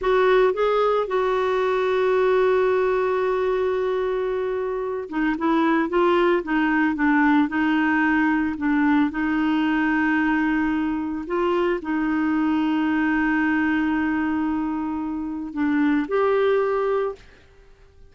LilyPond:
\new Staff \with { instrumentName = "clarinet" } { \time 4/4 \tempo 4 = 112 fis'4 gis'4 fis'2~ | fis'1~ | fis'4. dis'8 e'4 f'4 | dis'4 d'4 dis'2 |
d'4 dis'2.~ | dis'4 f'4 dis'2~ | dis'1~ | dis'4 d'4 g'2 | }